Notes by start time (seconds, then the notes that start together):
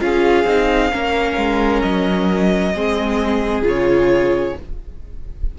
0.00 C#4 F4 G#4 F5
0.44 C4 D#4
0.92 A#3 C#4 A#4
1.37 G#3
1.82 F#3 D#5
2.74 G#3 C4 G#4
3.62 C#3 F4
3.68 C#5